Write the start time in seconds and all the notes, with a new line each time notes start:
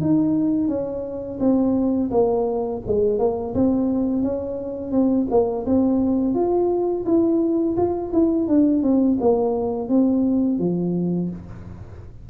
0.00 D#4
0.68 C#4
1.40 C4
2.11 A#3
2.87 G#3
3.19 A#3
3.54 C4
4.22 C#4
4.92 C4
5.30 A#3
5.66 C4
6.34 F4
7.06 E4
7.77 F4
8.12 E4
8.48 D4
8.82 C4
9.20 A#3
9.89 C4
10.59 F3